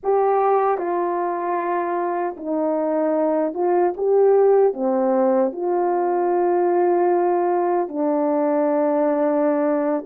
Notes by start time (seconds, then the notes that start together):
0.03 G4
0.78 F4
2.36 D#4
3.53 F4
3.97 G4
4.73 C4
5.52 F4
7.88 D4